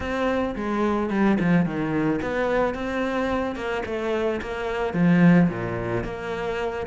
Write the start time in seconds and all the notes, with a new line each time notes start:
0.00 C4
0.55 G#3
1.10 G3
1.40 F3
1.65 D#3
2.22 B3
2.74 C4
3.55 A#3
3.85 A3
4.41 A#3
4.93 F3
5.49 A#2
6.04 A#3